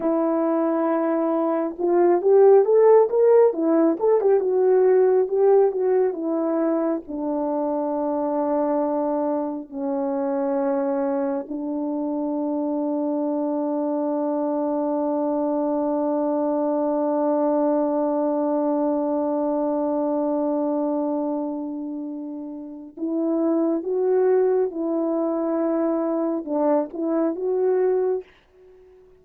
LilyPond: \new Staff \with { instrumentName = "horn" } { \time 4/4 \tempo 4 = 68 e'2 f'8 g'8 a'8 ais'8 | e'8 a'16 g'16 fis'4 g'8 fis'8 e'4 | d'2. cis'4~ | cis'4 d'2.~ |
d'1~ | d'1~ | d'2 e'4 fis'4 | e'2 d'8 e'8 fis'4 | }